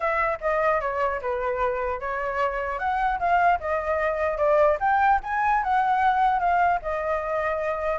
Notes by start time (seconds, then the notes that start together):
0.00 E5
0.40 D#5
0.81 C#5
1.21 B4
2.00 C#5
2.79 F#5
3.19 F5
3.60 D#5
4.37 D5
4.79 G5
5.23 G#5
5.63 F#5
6.39 F5
6.81 D#5